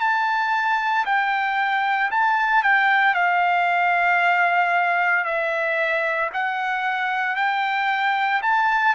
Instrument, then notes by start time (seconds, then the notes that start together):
trumpet
0.00 A5
1.06 G5
2.11 A5
2.63 G5
3.14 F5
5.25 E5
6.33 F#5
7.36 G5
8.43 A5